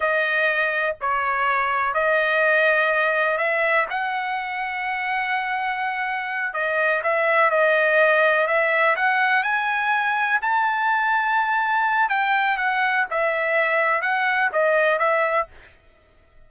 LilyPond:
\new Staff \with { instrumentName = "trumpet" } { \time 4/4 \tempo 4 = 124 dis''2 cis''2 | dis''2. e''4 | fis''1~ | fis''4. dis''4 e''4 dis''8~ |
dis''4. e''4 fis''4 gis''8~ | gis''4. a''2~ a''8~ | a''4 g''4 fis''4 e''4~ | e''4 fis''4 dis''4 e''4 | }